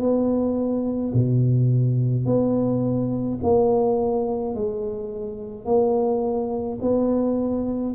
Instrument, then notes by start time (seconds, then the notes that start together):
tuba
0.00 B3
1.13 B2
2.25 B3
3.43 A#3
4.54 G#3
5.65 A#3
6.81 B3